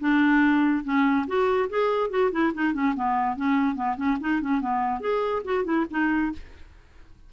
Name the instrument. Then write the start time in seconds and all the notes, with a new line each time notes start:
clarinet
0.00 D4
0.84 C#4
1.27 F#4
1.69 G#4
2.10 F#4
2.32 E4
2.54 D#4
2.73 C#4
2.95 B3
3.36 C#4
3.75 B3
3.97 C#4
4.20 D#4
4.41 C#4
4.61 B3
5.00 G#4
5.44 F#4
5.64 E4
5.90 D#4